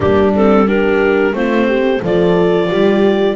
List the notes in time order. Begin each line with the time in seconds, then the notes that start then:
0.00 G3 A#3 D4 G4
0.35 C4 A4
0.66 D4 G4 A#4
1.33 A3 C4 F4 C5
1.67 G4
2.02 F3 F4 A4 D5
2.69 G3 G4